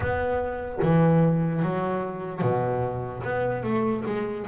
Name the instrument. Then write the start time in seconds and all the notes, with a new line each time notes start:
double bass
0.00 B3
0.81 E3
1.62 F#3
2.41 B2
3.24 B3
3.63 A3
4.05 G#3